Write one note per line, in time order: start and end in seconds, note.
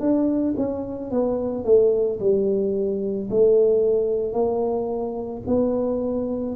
0.00 0.55 D4
0.57 1.11 C#4
1.11 1.65 B3
1.65 2.19 A3
2.20 3.29 G3
3.30 4.33 A3
4.33 5.42 A#3
5.46 6.56 B3